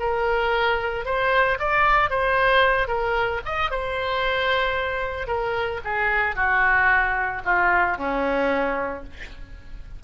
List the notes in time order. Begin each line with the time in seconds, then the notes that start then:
0.00 A#4
1.05 C5
1.60 D5
2.10 C5
2.88 A#4
3.46 D#5
3.71 C5
5.28 A#4
5.85 G#4
6.36 F#4
7.45 F4
7.98 C#4